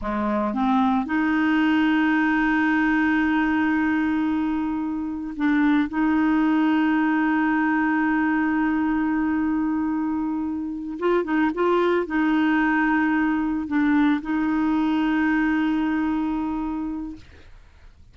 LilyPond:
\new Staff \with { instrumentName = "clarinet" } { \time 4/4 \tempo 4 = 112 gis4 c'4 dis'2~ | dis'1~ | dis'2 d'4 dis'4~ | dis'1~ |
dis'1~ | dis'8 f'8 dis'8 f'4 dis'4.~ | dis'4. d'4 dis'4.~ | dis'1 | }